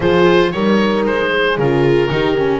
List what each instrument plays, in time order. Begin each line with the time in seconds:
0.00 double bass F3, viola F4, horn G#4, oboe C5
0.51 double bass G3, viola D#4, horn A#4, oboe C#5
1.05 double bass G#3, oboe C5
1.30 horn G#4
1.57 double bass C#3, viola F4, oboe A#4
2.09 double bass D#3, viola D#4, horn G4
2.38 viola C#4